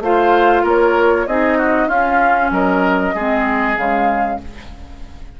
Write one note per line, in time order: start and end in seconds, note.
0.00 0.62 A3
0.00 1.28 F4
0.00 0.63 C5
0.00 0.65 F5
0.63 1.26 A#3
0.63 1.25 A#4
0.63 1.27 C#5
1.27 1.88 C4
1.27 1.90 D#4
1.27 1.58 G#4
1.27 1.88 D#5
1.58 1.88 F#4
1.88 2.50 C#4
1.88 3.15 C#4
1.88 2.50 F4
1.88 2.50 F5
2.51 3.13 F#3
2.51 3.15 A#4
2.51 3.77 D#5
3.14 3.77 G#3
3.14 3.76 C4
3.14 4.40 G#4
3.76 4.40 C#3
3.76 4.39 G#3
3.76 4.40 F5